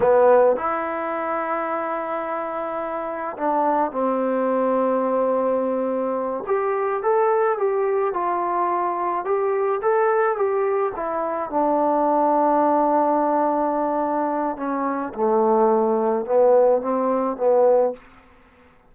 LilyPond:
\new Staff \with { instrumentName = "trombone" } { \time 4/4 \tempo 4 = 107 b4 e'2.~ | e'2 d'4 c'4~ | c'2.~ c'8 g'8~ | g'8 a'4 g'4 f'4.~ |
f'8 g'4 a'4 g'4 e'8~ | e'8 d'2.~ d'8~ | d'2 cis'4 a4~ | a4 b4 c'4 b4 | }